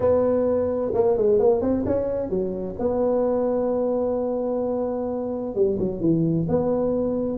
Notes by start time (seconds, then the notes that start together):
0.00 B3
0.94 A#3
1.17 G#3
1.39 A#3
1.61 C4
1.86 C#4
2.29 F#3
2.79 B3
5.55 G3
5.79 F#3
6.00 E3
6.48 B3